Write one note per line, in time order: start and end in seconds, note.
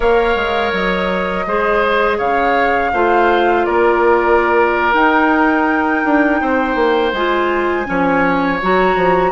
0.00 0.35 A#3
0.00 1.46 A#4
0.00 1.45 C#5
0.00 0.73 F5
0.35 0.72 G#3
0.72 1.45 F#3
0.72 2.18 D#5
1.46 2.19 G#3
1.46 2.93 G#4
1.46 2.17 C5
2.17 2.93 C#3
2.17 2.90 C#5
2.17 3.65 F5
2.93 3.66 A3
2.93 4.93 F4
2.93 3.66 C5
3.65 4.93 A#3
3.65 6.41 A#4
3.65 4.93 D5
4.93 7.12 D#4
4.93 6.03 D#4
4.93 7.13 G5
6.04 6.41 D4
6.41 6.75 C4
6.41 7.87 C5
6.75 7.11 A#3
7.12 7.86 G#3
7.12 7.85 F4
7.12 8.60 G#5
7.85 8.62 F3
7.85 8.58 C#4
7.85 9.31 C#5
8.61 8.96 F#3
8.61 9.31 F#4
8.61 9.31 A#5
8.96 9.31 F3